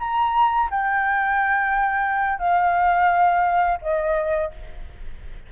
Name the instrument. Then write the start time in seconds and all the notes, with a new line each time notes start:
flute
0.00 A#5
0.71 G5
2.39 F5
3.82 D#5